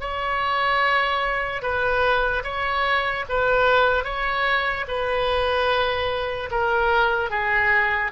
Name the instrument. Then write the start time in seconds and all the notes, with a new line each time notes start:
oboe
0.00 C#5
1.62 B4
2.44 C#5
3.29 B4
4.04 C#5
4.88 B4
6.51 A#4
7.30 G#4